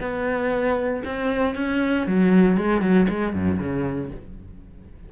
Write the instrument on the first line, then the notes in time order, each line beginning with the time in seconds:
cello
0.00 B3
1.05 C4
1.55 C#4
2.07 F#3
2.57 G#3
2.81 F#3
3.08 G#3
3.33 F#2
3.59 C#3